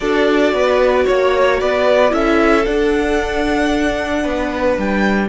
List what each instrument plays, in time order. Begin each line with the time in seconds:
0.00 cello D4, viola F#4, violin A4 D5
0.53 cello B3, violin B4
1.04 cello A#3, violin C#5
1.60 cello B3, violin B4 D5
2.09 cello C#4, viola E4, violin A4 E5
2.65 viola D4, cello D4, violin F#5
4.23 cello B3, violin B4
4.77 cello G3, violin G5